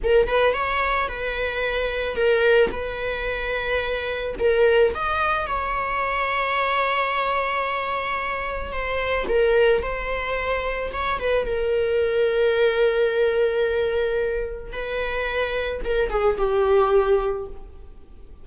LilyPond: \new Staff \with { instrumentName = "viola" } { \time 4/4 \tempo 4 = 110 ais'8 b'8 cis''4 b'2 | ais'4 b'2. | ais'4 dis''4 cis''2~ | cis''1 |
c''4 ais'4 c''2 | cis''8 b'8 ais'2.~ | ais'2. b'4~ | b'4 ais'8 gis'8 g'2 | }